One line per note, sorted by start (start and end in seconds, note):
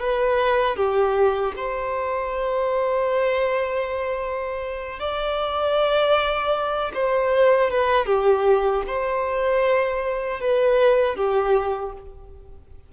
0.00 0.76 B4
0.76 1.53 G4
1.57 4.99 C5
4.99 6.92 D5
6.94 7.71 C5
7.71 8.06 B4
8.06 8.83 G4
8.87 10.40 C5
10.40 11.16 B4
11.16 11.93 G4